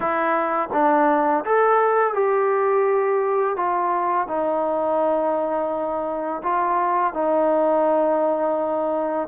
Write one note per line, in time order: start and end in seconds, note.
0.00 0.69 E4
0.72 1.44 D4
1.44 2.14 A4
2.14 3.56 G4
3.56 4.27 F4
4.27 6.42 D#4
6.43 7.13 F4
7.13 9.28 D#4